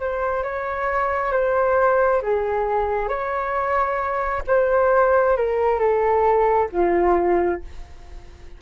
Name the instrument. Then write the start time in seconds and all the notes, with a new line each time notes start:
flute
0.00 C5
0.43 C#5
1.32 C5
2.22 G#4
3.08 C#5
4.47 C5
5.36 A#4
5.79 A4
6.72 F4